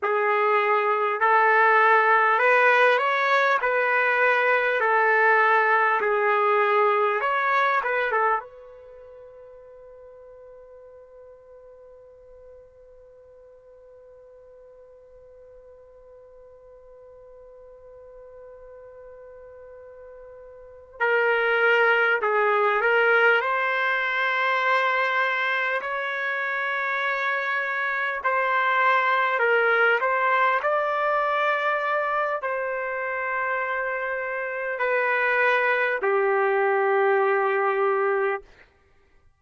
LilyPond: \new Staff \with { instrumentName = "trumpet" } { \time 4/4 \tempo 4 = 50 gis'4 a'4 b'8 cis''8 b'4 | a'4 gis'4 cis''8 b'16 a'16 b'4~ | b'1~ | b'1~ |
b'4. ais'4 gis'8 ais'8 c''8~ | c''4. cis''2 c''8~ | c''8 ais'8 c''8 d''4. c''4~ | c''4 b'4 g'2 | }